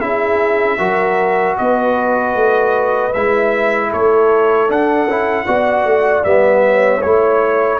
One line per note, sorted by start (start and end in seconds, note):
0.00 0.78 C#4
0.00 0.78 E4
0.00 0.78 G#4
0.00 1.56 E5
0.78 1.57 F#3
0.78 3.12 F#4
0.78 1.56 A#4
1.57 2.34 B3
1.57 3.90 B4
1.57 3.13 D#5
2.34 3.12 A3
3.13 3.92 G#3
3.13 4.69 E4
3.13 3.91 E5
3.90 4.70 A3
3.90 5.45 A4
3.90 4.70 C#5
4.69 5.08 D4
4.69 5.06 D4
4.69 6.24 F#5
5.06 5.45 C#4
5.06 5.46 E4
5.46 5.84 B3
5.46 6.24 F#4
5.46 6.62 D5
5.84 6.23 A3
6.24 7.02 G3
6.24 7.02 B3
6.24 7.01 E5
6.66 7.79 C#5
7.01 7.79 A3
7.01 7.79 E4
7.01 7.79 C#5